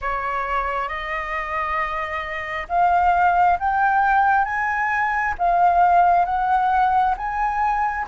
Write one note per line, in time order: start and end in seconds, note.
0.01 0.88 C#5
0.88 2.67 D#5
2.69 3.58 F5
3.59 4.45 G5
4.45 5.34 G#5
5.38 6.25 F5
6.25 7.14 F#5
7.16 8.06 G#5